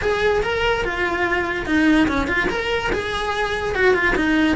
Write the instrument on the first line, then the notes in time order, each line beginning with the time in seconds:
cello
0.01 G#4
0.42 A#4
0.84 F4
1.66 D#4
2.07 C#4
2.27 F4
2.49 A#4
2.92 G#4
3.75 F#4
3.94 F4
4.15 D#4